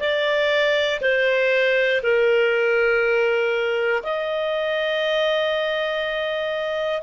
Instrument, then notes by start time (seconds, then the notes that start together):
clarinet
0.00 D5
1.01 C5
2.02 A#4
4.03 D#5